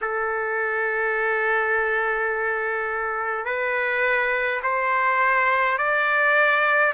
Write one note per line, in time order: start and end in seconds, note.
0.01 3.45 A4
3.45 4.60 B4
4.63 5.77 C5
5.77 6.93 D5